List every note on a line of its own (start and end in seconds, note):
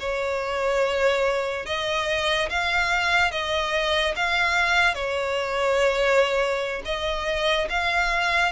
0.00 1.66 C#5
1.66 2.49 D#5
2.50 3.31 F5
3.31 4.15 D#5
4.16 4.95 F5
4.95 6.82 C#5
6.85 7.68 D#5
7.69 8.52 F5